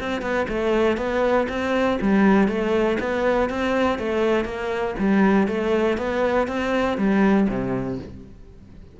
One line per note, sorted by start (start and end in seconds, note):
0.00 0.21 C4
0.21 0.46 B3
0.48 0.97 A3
0.97 1.47 B3
1.49 1.99 C4
2.01 2.48 G3
2.48 2.98 A3
3.00 3.50 B3
3.50 3.99 C4
3.99 4.45 A3
4.45 4.95 A#3
4.99 5.47 G3
5.47 5.97 A3
5.97 6.47 B3
6.47 6.97 C4
6.97 7.47 G3
7.49 7.99 C3